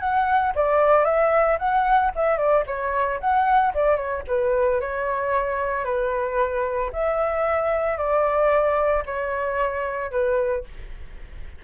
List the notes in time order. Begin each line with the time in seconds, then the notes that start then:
0.00 F#5
0.55 D5
1.05 E5
1.59 F#5
2.16 E5
2.37 D5
2.67 C#5
3.20 F#5
3.74 D5
3.96 C#5
4.28 B4
4.81 C#5
5.85 B4
6.93 E5
7.97 D5
9.06 C#5
10.11 B4